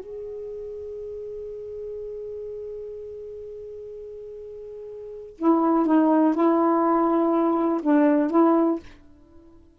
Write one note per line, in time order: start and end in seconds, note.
0.00 5.37 G#4
5.38 5.86 E4
5.86 6.35 D#4
6.35 7.81 E4
7.83 8.30 D4
8.30 8.79 E4